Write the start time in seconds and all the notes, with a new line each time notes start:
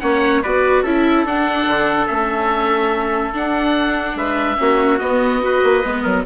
0.00 A#3 C#4 C#5 F#5
0.43 B3 F#4 B4 D5
0.83 C#4 E4 A4 E5
1.24 D4 F#5
1.67 D3
2.07 A3 C#4 E5
3.34 D4 F#5
4.15 G#3 B4 E5
4.56 A#3 C#4 F#4
4.99 B3 D#5
5.42 F#4 B4
5.63 A#3
5.84 G#3 B3
6.03 F#3 A#4